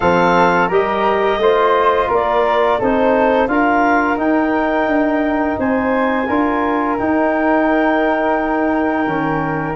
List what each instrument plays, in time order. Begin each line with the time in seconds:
0.00 tuba F3, trombone C4, flute A4, clarinet F5
0.68 tuba G3, trombone G4, flute A#4, clarinet D#5
1.37 tuba A3, trombone F4, flute C5
2.08 tuba A#3, flute A#4, clarinet D5
2.78 tuba C4, trombone D#4, flute A4, clarinet C5
3.47 tuba D4, trombone F4, flute A#4, clarinet F5
4.17 trombone D#4, tuba D#4, clarinet G5
4.87 tuba D4
5.58 tuba C4, flute C5, clarinet G#5
6.27 tuba D4, trombone F4, flute A#4
6.98 trombone D#4, tuba D#4, clarinet G5
9.06 tuba D#3, trombone C#4